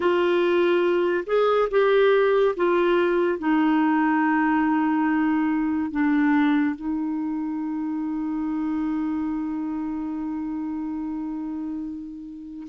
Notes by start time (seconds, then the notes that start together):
0.00 F4
1.26 G#4
1.70 G4
2.56 F4
3.38 D#4
5.91 D4
6.75 D#4